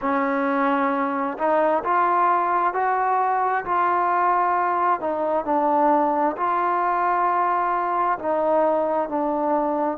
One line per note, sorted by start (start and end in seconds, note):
0.01 1.37 C#4
1.38 1.83 D#4
1.84 2.73 F4
2.73 3.64 F#4
3.64 5.00 F4
5.00 5.45 D#4
5.45 6.36 D4
6.36 8.18 F4
8.19 9.09 D#4
9.09 9.98 D4